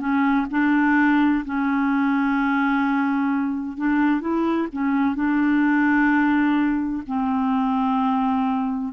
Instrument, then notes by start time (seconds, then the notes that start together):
clarinet
0.00 C#4
0.51 D4
1.45 C#4
3.78 D4
4.21 E4
4.73 C#4
5.16 D4
7.07 C4